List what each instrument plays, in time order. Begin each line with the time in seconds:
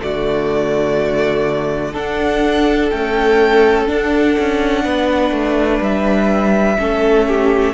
0.00 cello D3, viola A3, violin F#4 D5
1.93 viola D4, cello D4, violin A4 F#5
2.90 viola A3, cello C#4, violin G5
3.87 viola D4, cello D4, violin F#5
4.39 cello C#4
4.84 cello B3, violin B4
5.32 cello A3
5.81 cello G3, violin E5
6.79 cello A3, viola C#4, violin A4
7.28 violin G4